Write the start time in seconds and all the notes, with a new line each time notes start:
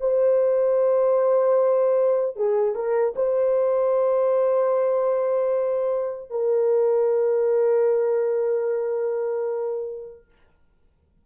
0.00 C5
2.36 G#4
2.75 A#4
3.16 C5
6.30 A#4